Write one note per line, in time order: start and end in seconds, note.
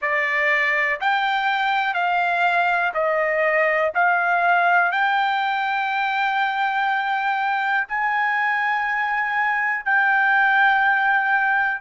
0.01 1.00 D5
1.00 1.94 G5
1.94 2.92 F5
2.93 3.92 D#5
3.94 4.91 F5
4.91 7.86 G5
7.87 9.84 G#5
9.85 11.81 G5